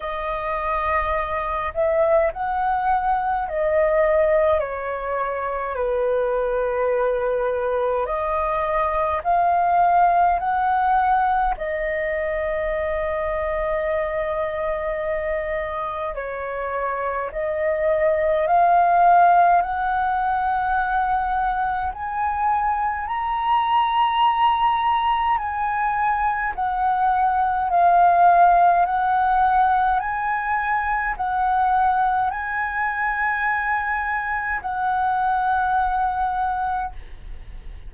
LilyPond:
\new Staff \with { instrumentName = "flute" } { \time 4/4 \tempo 4 = 52 dis''4. e''8 fis''4 dis''4 | cis''4 b'2 dis''4 | f''4 fis''4 dis''2~ | dis''2 cis''4 dis''4 |
f''4 fis''2 gis''4 | ais''2 gis''4 fis''4 | f''4 fis''4 gis''4 fis''4 | gis''2 fis''2 | }